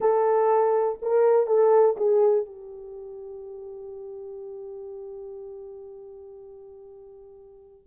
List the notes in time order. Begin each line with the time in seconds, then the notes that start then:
0.00 A4
1.01 A#4
1.46 A4
1.96 G#4
2.45 G4